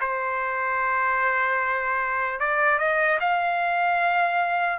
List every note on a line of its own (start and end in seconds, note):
0.00 2.40 C5
2.40 2.79 D5
2.79 3.19 D#5
3.20 4.79 F5